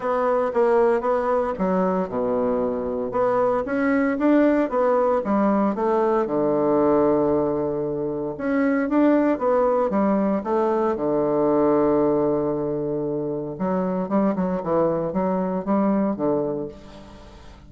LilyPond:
\new Staff \with { instrumentName = "bassoon" } { \time 4/4 \tempo 4 = 115 b4 ais4 b4 fis4 | b,2 b4 cis'4 | d'4 b4 g4 a4 | d1 |
cis'4 d'4 b4 g4 | a4 d2.~ | d2 fis4 g8 fis8 | e4 fis4 g4 d4 | }